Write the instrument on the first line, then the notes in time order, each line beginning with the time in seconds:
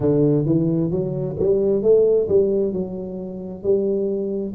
tuba
0.00 D3
0.45 E3
0.90 F#3
1.39 G3
1.82 A3
2.28 G3
2.72 F#3
3.63 G3